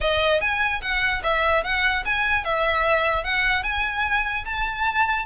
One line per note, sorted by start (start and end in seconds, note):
0.01 0.40 D#5
0.40 0.81 G#5
0.81 1.22 F#5
1.23 1.63 E5
1.63 2.04 F#5
2.05 2.44 G#5
2.44 3.24 E5
3.24 3.63 F#5
3.63 4.44 G#5
4.45 5.25 A5